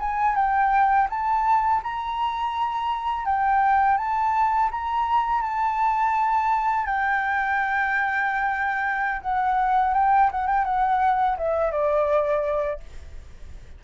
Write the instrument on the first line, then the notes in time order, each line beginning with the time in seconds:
flute
0.00 G#5
0.35 G5
1.10 A5
1.83 A#5
3.25 G5
3.98 A5
4.71 A#5
5.42 A5
6.86 G5
9.21 F#5
9.94 G5
10.31 F#5
10.47 G5
10.65 F#5
11.38 E5
11.72 D5